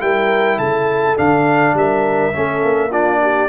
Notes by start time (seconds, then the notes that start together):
0.00 G3 E4 A#4 G5
0.59 C#3 A4 A5
1.16 D3 D4 F5
1.74 G3 A#4 E5
2.33 A3 C#4 A4
2.63 A#3
2.91 D4 F4 D5
3.23 G4